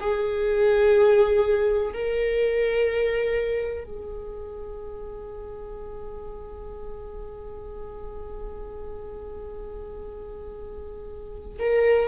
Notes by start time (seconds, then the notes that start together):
0.00 G#4
1.94 A#4
3.84 G#4
11.60 A#4